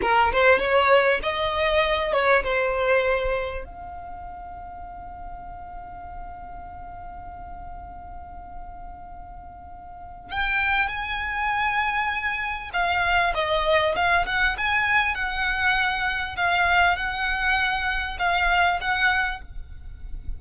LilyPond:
\new Staff \with { instrumentName = "violin" } { \time 4/4 \tempo 4 = 99 ais'8 c''8 cis''4 dis''4. cis''8 | c''2 f''2~ | f''1~ | f''1~ |
f''4 g''4 gis''2~ | gis''4 f''4 dis''4 f''8 fis''8 | gis''4 fis''2 f''4 | fis''2 f''4 fis''4 | }